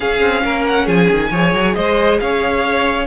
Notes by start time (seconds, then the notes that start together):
0.00 C#4 G#4 F5
0.21 C4
0.43 A#3 A#4
0.66 F#5
0.85 F3 G#4 G#5
1.09 D#3
1.31 F3 G#4 C#5
1.53 F#3
1.74 G#3 C5 D#5
2.20 C#4 C#5 F5